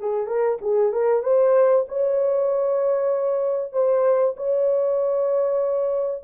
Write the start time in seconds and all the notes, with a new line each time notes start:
0.00 G#4
0.27 A#4
0.62 G#4
0.93 A#4
1.23 C5
1.89 C#5
3.73 C5
4.37 C#5